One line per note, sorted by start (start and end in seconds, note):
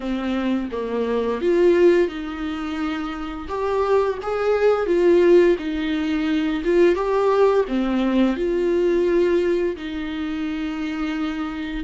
0.00 0.69 C4
0.71 1.41 A#3
1.41 2.07 F4
2.07 3.47 D#4
3.48 4.18 G4
4.22 4.86 G#4
4.86 5.56 F4
5.58 6.62 D#4
6.64 6.95 F4
6.95 7.64 G4
7.68 8.36 C4
8.36 9.75 F4
9.76 11.84 D#4